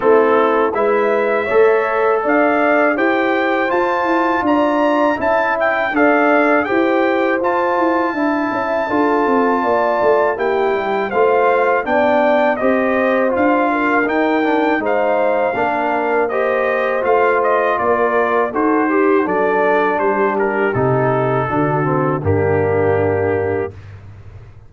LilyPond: <<
  \new Staff \with { instrumentName = "trumpet" } { \time 4/4 \tempo 4 = 81 a'4 e''2 f''4 | g''4 a''4 ais''4 a''8 g''8 | f''4 g''4 a''2~ | a''2 g''4 f''4 |
g''4 dis''4 f''4 g''4 | f''2 dis''4 f''8 dis''8 | d''4 c''4 d''4 c''8 ais'8 | a'2 g'2 | }
  \new Staff \with { instrumentName = "horn" } { \time 4/4 e'4 b'4 cis''4 d''4 | c''2 d''4 e''4 | d''4 c''2 e''4 | a'4 d''4 g'4 c''4 |
d''4 c''4. ais'4. | c''4 ais'4 c''2 | ais'4 a'8 g'8 a'4 g'4~ | g'4 fis'4 d'2 | }
  \new Staff \with { instrumentName = "trombone" } { \time 4/4 c'4 e'4 a'2 | g'4 f'2 e'4 | a'4 g'4 f'4 e'4 | f'2 e'4 f'4 |
d'4 g'4 f'4 dis'8 d'8 | dis'4 d'4 g'4 f'4~ | f'4 fis'8 g'8 d'2 | dis'4 d'8 c'8 ais2 | }
  \new Staff \with { instrumentName = "tuba" } { \time 4/4 a4 gis4 a4 d'4 | e'4 f'8 e'8 d'4 cis'4 | d'4 e'4 f'8 e'8 d'8 cis'8 | d'8 c'8 ais8 a8 ais8 g8 a4 |
b4 c'4 d'4 dis'4 | gis4 ais2 a4 | ais4 dis'4 fis4 g4 | c4 d4 g,2 | }
>>